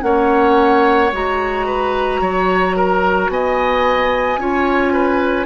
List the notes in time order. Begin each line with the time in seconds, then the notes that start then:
0.00 A#3 C#4 C#5 F#5
1.12 G#3 F#4 A#5
1.66 B4
2.20 F#3 C#5
2.75 A#4
3.28 B3 D#5 G#5
4.37 C#4 F4 C#5
4.92 B4